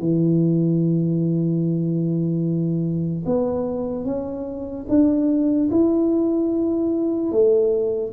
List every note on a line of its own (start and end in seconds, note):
0.00 3.24 E3
3.26 4.05 B3
4.05 4.86 C#4
4.89 5.70 D4
5.71 7.32 E4
7.32 8.13 A3